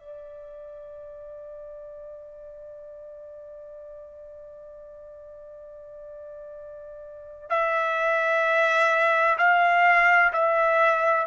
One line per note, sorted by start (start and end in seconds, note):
0.00 7.50 D5
7.50 9.37 E5
9.38 10.32 F5
10.33 11.27 E5